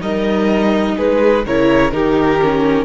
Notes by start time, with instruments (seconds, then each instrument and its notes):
0.00 cello G3, viola D#4, violin A#4 D#5
0.96 cello G#3, violin G#4 B4
1.45 cello C#3, viola E4, violin A#4 C#5
1.91 cello D#3, viola D#4, violin G4 A#4
2.42 viola C#4